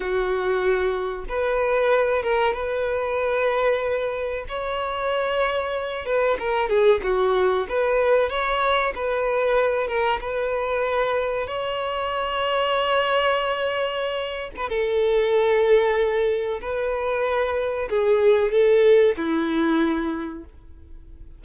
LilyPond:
\new Staff \with { instrumentName = "violin" } { \time 4/4 \tempo 4 = 94 fis'2 b'4. ais'8 | b'2. cis''4~ | cis''4. b'8 ais'8 gis'8 fis'4 | b'4 cis''4 b'4. ais'8 |
b'2 cis''2~ | cis''2~ cis''8. b'16 a'4~ | a'2 b'2 | gis'4 a'4 e'2 | }